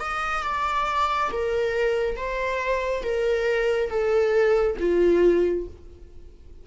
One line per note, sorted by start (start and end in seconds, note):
0.00 0.43 D#5
0.43 1.30 D5
1.32 2.17 A#4
2.17 3.04 C5
3.04 3.90 A#4
3.90 4.77 A4
4.80 5.67 F4